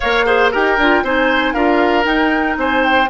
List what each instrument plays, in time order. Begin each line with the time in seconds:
0.00 bassoon A#3, clarinet A#4, oboe C#5, flute F5
0.25 clarinet G#4, oboe C5
0.51 bassoon D#4, clarinet G4, oboe A#4, flute G5
0.77 bassoon D4, clarinet F4
1.03 bassoon C4, clarinet D#4, oboe C5, flute G#5
1.53 bassoon D4, clarinet F4, oboe A#4, flute F5
2.03 clarinet D#4, bassoon D#4, flute G5
2.57 bassoon C4, oboe C5, flute G#5
2.84 flute G5